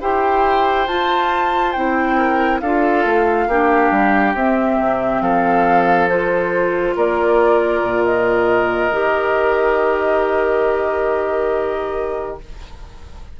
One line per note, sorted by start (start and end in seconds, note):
0.00 0.87 E4
0.00 0.88 G4
0.00 2.17 C5
0.00 0.87 G5
0.87 1.74 F4
0.87 1.75 F4
0.87 1.72 A5
1.72 2.61 C4
1.72 2.62 E4
1.72 2.59 G5
2.17 2.61 A#4
2.60 3.05 D4
2.60 3.50 F4
2.60 3.49 A4
2.60 4.34 F5
3.05 3.47 A3
3.47 3.90 A#3
3.47 4.37 D4
3.47 5.22 G4
3.91 4.34 G3
4.34 4.78 C4
4.34 6.09 C4
4.34 5.22 E5
4.79 5.21 C3
5.21 6.95 F3
5.21 6.96 A4
5.21 6.09 F5
6.09 8.92 F4
6.09 6.96 C5
6.96 7.82 A#3
6.96 12.39 A#4
6.96 8.04 D5
7.82 8.91 A#2
8.04 12.38 D#5
8.91 12.39 D#3
8.91 12.40 G4